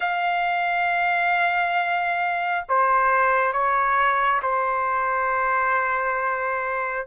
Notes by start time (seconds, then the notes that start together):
0.00 F5
2.69 C5
3.52 C#5
4.42 C5